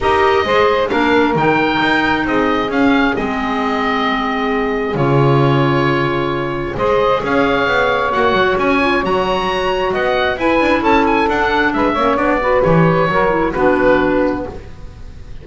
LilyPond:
<<
  \new Staff \with { instrumentName = "oboe" } { \time 4/4 \tempo 4 = 133 dis''2 f''4 g''4~ | g''4 dis''4 f''4 dis''4~ | dis''2. cis''4~ | cis''2. dis''4 |
f''2 fis''4 gis''4 | ais''2 fis''4 gis''4 | a''8 gis''8 fis''4 e''4 d''4 | cis''2 b'2 | }
  \new Staff \with { instrumentName = "saxophone" } { \time 4/4 ais'4 c''4 ais'2~ | ais'4 gis'2.~ | gis'1~ | gis'2. c''4 |
cis''1~ | cis''2 dis''4 b'4 | a'2 b'8 cis''4 b'8~ | b'4 ais'4 fis'2 | }
  \new Staff \with { instrumentName = "clarinet" } { \time 4/4 g'4 gis'4 d'4 dis'4~ | dis'2 cis'4 c'4~ | c'2. f'4~ | f'2. gis'4~ |
gis'2 fis'4. f'8 | fis'2. e'4~ | e'4 d'4. cis'8 d'8 fis'8 | g'4 fis'8 e'8 d'2 | }
  \new Staff \with { instrumentName = "double bass" } { \time 4/4 dis'4 gis4 ais4 dis4 | dis'4 c'4 cis'4 gis4~ | gis2. cis4~ | cis2. gis4 |
cis'4 b4 ais8 fis8 cis'4 | fis2 b4 e'8 d'8 | cis'4 d'4 gis8 ais8 b4 | e4 fis4 b2 | }
>>